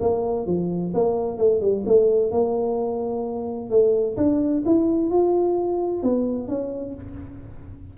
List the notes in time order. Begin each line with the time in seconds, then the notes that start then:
0.00 A#3
0.46 F3
0.94 A#3
1.37 A3
1.60 G3
1.86 A3
2.31 A#3
3.70 A3
4.16 D4
4.65 E4
5.10 F4
6.02 B3
6.48 C#4